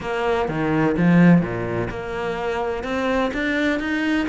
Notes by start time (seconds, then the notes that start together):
0.01 A#3
0.48 D#3
0.97 F3
1.41 A#2
1.89 A#3
2.83 C4
3.33 D4
3.79 D#4